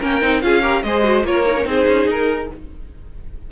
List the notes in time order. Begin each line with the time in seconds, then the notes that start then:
0.00 A#3 C#4 A#4 G5
0.22 C4 D#4
0.42 C#4 F4 G#4 F5
0.62 G4 A#4
0.83 G#3 G#4 C5 D#5
1.04 F#4
1.24 A#3 F4 A#4 C#5
1.47 D#4
1.58 C#4
1.65 C4 D#4 G#4 C5
1.88 C#4
2.06 D#4 A#4